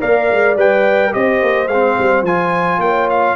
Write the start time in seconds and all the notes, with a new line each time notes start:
0.00 A#3 A#4 D5 F5
0.32 G#3
0.56 G3 B4 G5
1.12 C4 G4 C5 D#5
1.43 A#3
1.68 G#3 C4 F5
1.98 G3
2.23 F3 F4 G#5
2.79 A#3 C#5 G5
3.10 F5